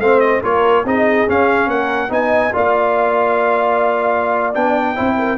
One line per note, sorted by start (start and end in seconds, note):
0.00 0.42 A3
0.00 0.43 C4
0.00 0.43 C5
0.00 0.21 F5
0.21 0.42 D#5
0.43 0.85 A#3
0.43 0.85 F4
0.43 0.85 A#4
0.43 0.87 C#5
0.85 1.27 C4
0.85 1.28 D#4
0.85 1.69 G#4
0.85 1.30 D#5
1.28 2.09 C#4
1.28 1.68 C#4
1.28 1.70 F5
1.68 2.10 A#3
1.68 2.11 A#4
1.68 2.12 F#5
2.09 2.53 B3
2.09 2.52 D#4
2.09 2.55 D#5
2.09 2.55 G#5
2.53 4.56 A#3
2.53 4.54 F4
2.53 4.96 D5
2.53 4.55 F5
4.55 4.98 B3
4.55 4.96 D4
4.55 5.38 G5
4.96 5.38 C4
4.96 5.38 E4
4.96 5.17 C5
5.19 5.38 A#4